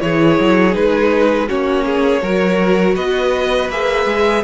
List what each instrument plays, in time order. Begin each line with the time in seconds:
0.00 cello E3, viola E4, violin G#4 C#5
0.40 cello F#3
0.73 cello G#3, viola D#4, violin B4
1.48 cello A#3, viola C#4, violin F#4 C#5
1.86 violin G#4
2.22 cello F#3, viola F#4, violin A#4
2.96 cello B3, violin B4 D#5
3.69 cello A#3, viola G#4, violin E5
4.06 cello G#3